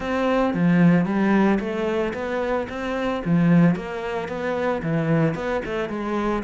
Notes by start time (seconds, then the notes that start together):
0.00 C4
0.54 F3
1.05 G3
1.59 A3
2.13 B3
2.69 C4
3.25 F3
3.75 A#3
4.28 B3
4.82 E3
5.34 B3
5.65 A3
5.89 G#3